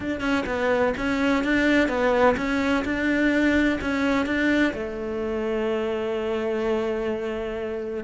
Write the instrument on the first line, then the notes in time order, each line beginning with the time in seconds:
cello
0.00 D4
0.20 C#4
0.46 B3
0.97 C#4
1.43 D4
1.88 B3
2.36 C#4
2.84 D4
3.81 C#4
4.26 D4
4.73 A3